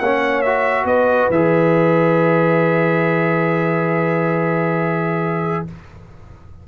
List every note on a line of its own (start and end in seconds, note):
0.00 0.85 A#3
0.00 0.46 C#4
0.00 0.87 C#5
0.00 0.42 F#5
0.42 1.33 F#4
0.42 0.86 E5
0.85 1.28 B3
0.85 5.66 B4
0.85 1.31 D#5
1.31 5.65 E3
1.31 5.68 G#4
1.31 5.66 E5